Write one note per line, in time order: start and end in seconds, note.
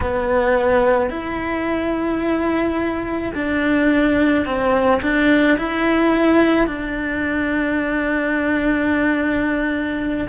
0.01 1.10 B3
1.10 3.32 E4
3.34 4.45 D4
4.45 5.01 C4
5.02 5.57 D4
5.57 6.66 E4
6.66 10.27 D4